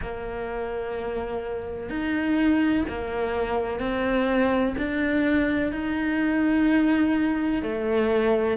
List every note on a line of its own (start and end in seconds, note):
0.01 1.89 A#3
1.89 2.84 D#4
2.88 3.79 A#3
3.79 4.74 C4
4.77 5.71 D4
5.71 7.62 D#4
7.62 8.57 A3